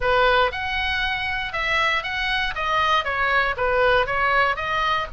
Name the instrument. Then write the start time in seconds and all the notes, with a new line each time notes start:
oboe
0.00 B4
0.51 F#5
1.52 E5
2.03 F#5
2.55 D#5
3.04 C#5
3.56 B4
4.06 C#5
4.56 D#5